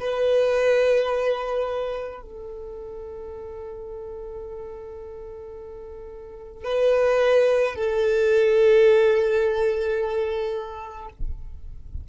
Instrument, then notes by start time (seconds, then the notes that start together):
violin
0.00 B4
2.22 A4
6.65 B4
7.76 A4